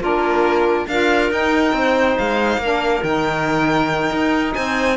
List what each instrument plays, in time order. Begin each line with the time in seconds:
0.00 cello A#3, saxophone D4, clarinet F4, violin A#4
0.88 cello D4, saxophone F4, clarinet A#4, violin F5
1.30 cello D#4, saxophone D#4, violin G5
1.73 cello C4, clarinet C5
2.18 cello G#3, violin F5
2.58 cello A#3, saxophone D4
2.64 clarinet A#4
3.03 cello D#3, saxophone D#4, violin G5
4.12 cello D#4
4.54 cello C4, clarinet C5, violin G#5